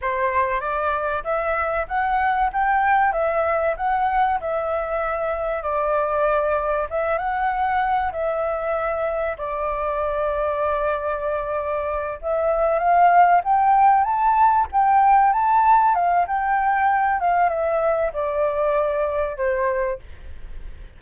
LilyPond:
\new Staff \with { instrumentName = "flute" } { \time 4/4 \tempo 4 = 96 c''4 d''4 e''4 fis''4 | g''4 e''4 fis''4 e''4~ | e''4 d''2 e''8 fis''8~ | fis''4 e''2 d''4~ |
d''2.~ d''8 e''8~ | e''8 f''4 g''4 a''4 g''8~ | g''8 a''4 f''8 g''4. f''8 | e''4 d''2 c''4 | }